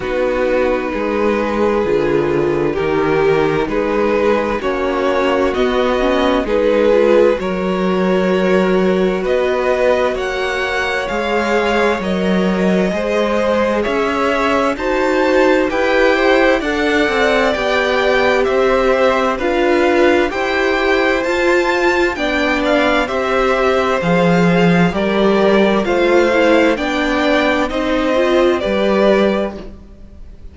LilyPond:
<<
  \new Staff \with { instrumentName = "violin" } { \time 4/4 \tempo 4 = 65 b'2. ais'4 | b'4 cis''4 dis''4 b'4 | cis''2 dis''4 fis''4 | f''4 dis''2 e''4 |
a''4 g''4 fis''4 g''4 | e''4 f''4 g''4 a''4 | g''8 f''8 e''4 f''4 d''4 | f''4 g''4 dis''4 d''4 | }
  \new Staff \with { instrumentName = "violin" } { \time 4/4 fis'4 gis'2 g'4 | gis'4 fis'2 gis'4 | ais'2 b'4 cis''4~ | cis''2 c''4 cis''4 |
c''4 b'8 c''8 d''2 | c''4 b'4 c''2 | d''4 c''2 ais'4 | c''4 d''4 c''4 b'4 | }
  \new Staff \with { instrumentName = "viola" } { \time 4/4 dis'2 f'4 dis'4~ | dis'4 cis'4 b8 cis'8 dis'8 f'8 | fis'1 | gis'4 ais'4 gis'2 |
fis'4 g'4 a'4 g'4~ | g'4 f'4 g'4 f'4 | d'4 g'4 gis'4 g'4 | f'8 e'8 d'4 dis'8 f'8 g'4 | }
  \new Staff \with { instrumentName = "cello" } { \time 4/4 b4 gis4 d4 dis4 | gis4 ais4 b4 gis4 | fis2 b4 ais4 | gis4 fis4 gis4 cis'4 |
dis'4 e'4 d'8 c'8 b4 | c'4 d'4 e'4 f'4 | b4 c'4 f4 g4 | a4 b4 c'4 g4 | }
>>